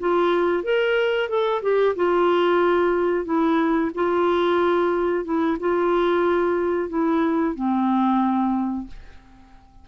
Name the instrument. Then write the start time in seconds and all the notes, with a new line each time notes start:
clarinet
0.00 F4
0.64 A#4
1.29 A4
1.62 G4
1.96 F4
3.25 E4
3.95 F4
5.25 E4
5.60 F4
6.89 E4
7.55 C4